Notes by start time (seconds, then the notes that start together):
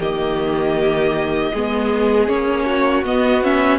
0.00 D#3 A#3 G4 D#5
1.53 G#3 B3 G#4
2.27 A#3 C#4 C#5
2.66 F#4
3.03 B3 D#5
3.43 C#4 E5